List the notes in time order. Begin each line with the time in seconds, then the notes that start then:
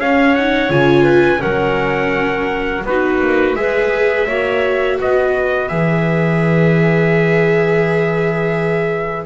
0.00 C#4 C#5 F5
0.35 D#4 F#5
0.70 C#3 F4 G#5
1.04 B4
1.39 F#3 C#4 A#4 F#5
2.85 B3 D#4 F#4 B4
3.21 A#3
3.56 G#3 G#4 B4 E5
4.28 A#3 F#4 C#5
4.98 B3 B4 D#5
5.69 E3 G#4 E5